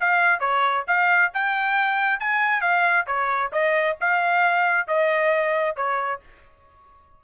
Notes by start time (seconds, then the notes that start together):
0.00 F5
0.40 C#5
0.87 F5
1.34 G5
2.19 G#5
2.61 F5
3.06 C#5
3.52 D#5
4.00 F5
4.87 D#5
5.76 C#5